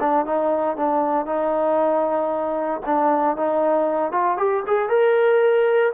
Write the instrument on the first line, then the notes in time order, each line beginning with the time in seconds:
trombone
0.00 D4
0.26 D#4
0.77 D4
1.26 D#4
2.86 D4
3.37 D#4
4.12 F4
4.37 G4
4.67 G#4
4.89 A#4